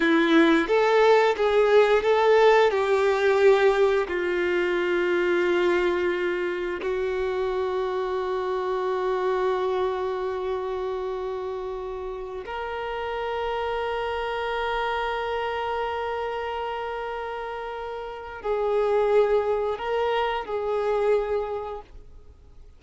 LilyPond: \new Staff \with { instrumentName = "violin" } { \time 4/4 \tempo 4 = 88 e'4 a'4 gis'4 a'4 | g'2 f'2~ | f'2 fis'2~ | fis'1~ |
fis'2~ fis'16 ais'4.~ ais'16~ | ais'1~ | ais'2. gis'4~ | gis'4 ais'4 gis'2 | }